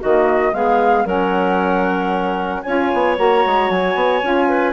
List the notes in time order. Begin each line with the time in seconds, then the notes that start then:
0.00 D#3 A#3 F#4 D#5
0.53 G#3 B3 G#4 F5
1.05 F#3 C#4 A#4 F#5
2.62 C#4 F4 C#5 G#5
2.93 B3
3.16 A#3 F#4 A#5
3.46 G#3
3.70 F#3 G#5
3.95 B3
4.22 C#4 F4
4.48 B4